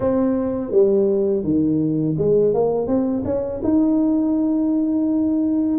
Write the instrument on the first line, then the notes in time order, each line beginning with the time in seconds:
tuba
0.00 C4
0.71 G3
1.43 D#3
2.18 G#3
2.54 A#3
2.87 C4
3.24 C#4
3.63 D#4